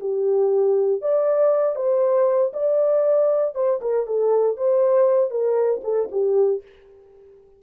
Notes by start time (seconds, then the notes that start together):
0.00 G4
1.01 D5
1.76 C5
2.53 D5
3.55 C5
3.81 A#4
4.06 A4
4.57 C5
5.30 A#4
5.84 A4
6.12 G4